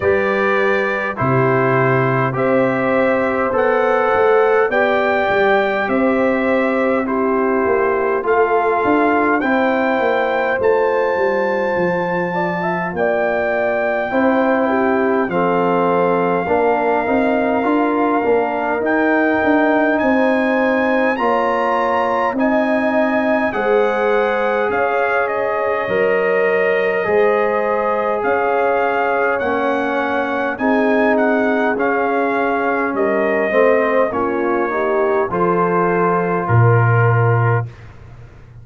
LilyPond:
<<
  \new Staff \with { instrumentName = "trumpet" } { \time 4/4 \tempo 4 = 51 d''4 c''4 e''4 fis''4 | g''4 e''4 c''4 f''4 | g''4 a''2 g''4~ | g''4 f''2. |
g''4 gis''4 ais''4 gis''4 | fis''4 f''8 dis''2~ dis''8 | f''4 fis''4 gis''8 fis''8 f''4 | dis''4 cis''4 c''4 ais'4 | }
  \new Staff \with { instrumentName = "horn" } { \time 4/4 b'4 g'4 c''2 | d''4 c''4 g'4 a'4 | c''2~ c''8 d''16 e''16 d''4 | c''8 g'8 a'4 ais'2~ |
ais'4 c''4 cis''4 dis''4 | c''4 cis''2 c''4 | cis''2 gis'2 | ais'8 c''8 f'8 g'8 a'4 ais'4 | }
  \new Staff \with { instrumentName = "trombone" } { \time 4/4 g'4 e'4 g'4 a'4 | g'2 e'4 f'4 | e'4 f'2. | e'4 c'4 d'8 dis'8 f'8 d'8 |
dis'2 f'4 dis'4 | gis'2 ais'4 gis'4~ | gis'4 cis'4 dis'4 cis'4~ | cis'8 c'8 cis'8 dis'8 f'2 | }
  \new Staff \with { instrumentName = "tuba" } { \time 4/4 g4 c4 c'4 b8 a8 | b8 g8 c'4. ais8 a8 d'8 | c'8 ais8 a8 g8 f4 ais4 | c'4 f4 ais8 c'8 d'8 ais8 |
dis'8 d'8 c'4 ais4 c'4 | gis4 cis'4 fis4 gis4 | cis'4 ais4 c'4 cis'4 | g8 a8 ais4 f4 ais,4 | }
>>